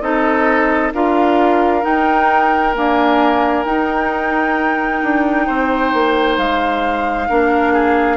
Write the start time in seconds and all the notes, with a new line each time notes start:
0.00 C4 D#4 A4 D#5
0.93 D4 F4 A#4 F5
1.81 D#4 G5
2.74 A#3 D4 G#5
3.65 D#4 G5
5.02 D4
5.46 C4 C5
5.93 A#3
6.37 G#3 F5
7.28 A#3 D4 A#4
7.73 G#4